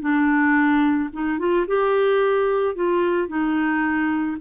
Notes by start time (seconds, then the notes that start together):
0.00 D4
1.13 D#4
1.38 F4
1.67 G4
2.75 F4
3.28 D#4